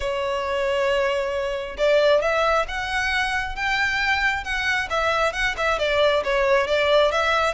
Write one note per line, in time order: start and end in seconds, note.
0.00 1.77 C#5
1.77 2.21 D5
2.21 2.66 E5
2.67 3.55 F#5
3.55 4.43 G5
4.43 4.88 F#5
4.90 5.33 E5
5.33 5.55 F#5
5.57 5.78 E5
5.78 6.23 D5
6.23 6.67 C#5
6.67 7.11 D5
7.11 7.54 E5